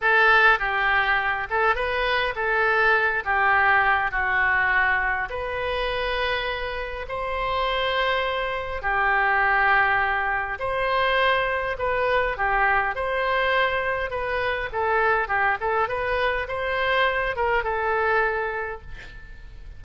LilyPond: \new Staff \with { instrumentName = "oboe" } { \time 4/4 \tempo 4 = 102 a'4 g'4. a'8 b'4 | a'4. g'4. fis'4~ | fis'4 b'2. | c''2. g'4~ |
g'2 c''2 | b'4 g'4 c''2 | b'4 a'4 g'8 a'8 b'4 | c''4. ais'8 a'2 | }